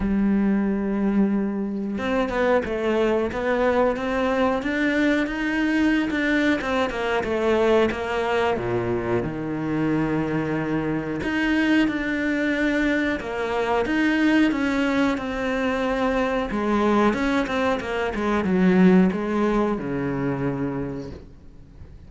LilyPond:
\new Staff \with { instrumentName = "cello" } { \time 4/4 \tempo 4 = 91 g2. c'8 b8 | a4 b4 c'4 d'4 | dis'4~ dis'16 d'8. c'8 ais8 a4 | ais4 ais,4 dis2~ |
dis4 dis'4 d'2 | ais4 dis'4 cis'4 c'4~ | c'4 gis4 cis'8 c'8 ais8 gis8 | fis4 gis4 cis2 | }